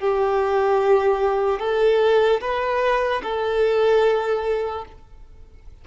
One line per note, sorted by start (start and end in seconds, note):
0.00 1.60 G4
1.60 2.41 A4
2.41 3.22 B4
3.23 4.85 A4